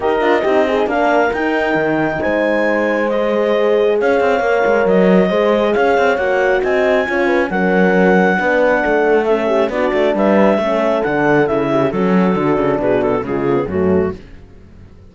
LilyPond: <<
  \new Staff \with { instrumentName = "clarinet" } { \time 4/4 \tempo 4 = 136 dis''2 f''4 g''4~ | g''4 gis''2 dis''4~ | dis''4 f''2 dis''4~ | dis''4 f''4 fis''4 gis''4~ |
gis''4 fis''2.~ | fis''4 e''4 d''4 e''4~ | e''4 fis''4 e''4 a'4~ | a'4 b'8 a'8 gis'4 fis'4 | }
  \new Staff \with { instrumentName = "horn" } { \time 4/4 ais'4 g'8 dis'8 ais'2~ | ais'4 c''2.~ | c''4 cis''2. | c''4 cis''2 dis''4 |
cis''8 b'8 ais'2 b'4 | a'4. g'8 fis'4 b'4 | a'2~ a'8 g'8 fis'4~ | fis'4 gis'8 fis'8 f'4 cis'4 | }
  \new Staff \with { instrumentName = "horn" } { \time 4/4 g'8 f'8 dis'8 gis'8 d'4 dis'4~ | dis'2. gis'4~ | gis'2 ais'2 | gis'2 fis'2 |
f'4 cis'2 d'4~ | d'4 cis'4 d'2 | cis'4 d'4 e'4 cis'4 | d'2 gis8 a16 b16 a4 | }
  \new Staff \with { instrumentName = "cello" } { \time 4/4 dis'8 d'8 c'4 ais4 dis'4 | dis4 gis2.~ | gis4 cis'8 c'8 ais8 gis8 fis4 | gis4 cis'8 c'8 ais4 c'4 |
cis'4 fis2 b4 | a2 b8 a8 g4 | a4 d4 cis4 fis4 | d8 cis8 b,4 cis4 fis,4 | }
>>